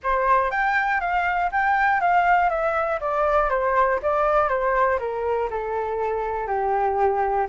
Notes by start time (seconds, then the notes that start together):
0.03 C5
0.50 G5
1.00 F5
1.51 G5
2.00 F5
2.49 E5
3.00 D5
3.49 C5
4.02 D5
4.48 C5
4.99 A#4
5.50 A4
6.47 G4